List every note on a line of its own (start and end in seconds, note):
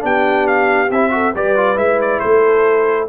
0.00 0.91 B3
0.00 0.88 D4
0.00 1.13 G4
0.00 0.48 G5
0.48 0.91 F5
0.91 1.35 C4
0.91 1.11 E4
0.91 1.35 E5
1.11 1.33 F#4
1.11 1.35 A4
1.35 1.77 G3
1.35 1.57 G4
1.35 2.22 B4
1.35 1.78 D5
1.57 1.76 F4
1.76 2.21 G#3
1.76 3.08 E4
1.76 2.00 E5
2.02 2.20 D5
2.20 3.09 A3
2.20 3.09 A4
2.20 3.08 C5